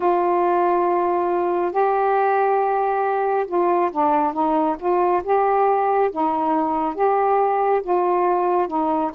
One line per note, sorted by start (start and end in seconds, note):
0.00 1.72 F4
1.72 3.45 G4
3.47 3.90 F4
3.91 4.33 D4
4.33 4.76 D#4
4.79 5.22 F4
5.23 6.10 G4
6.11 6.94 D#4
6.94 7.81 G4
7.83 8.67 F4
8.67 9.11 D#4